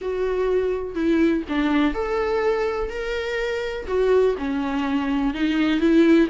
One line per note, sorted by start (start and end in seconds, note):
0.01 0.95 F#4
0.95 1.43 E4
1.48 1.94 D4
1.94 2.89 A4
2.89 3.86 A#4
3.87 4.35 F#4
4.37 5.34 C#4
5.34 5.80 D#4
5.80 6.28 E4